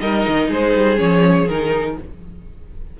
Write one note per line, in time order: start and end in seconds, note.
0.00 0.25 G3
0.00 0.96 D#4
0.00 0.48 A#4
0.00 0.49 D#5
0.27 0.49 D#3
0.48 0.73 G#3
0.48 1.95 G#4
0.48 0.99 C5
0.74 0.98 G3
0.96 1.48 F3
0.96 1.45 C#4
0.96 1.48 C#5
1.48 1.97 D#3
1.48 1.99 D#4
1.48 1.97 A#4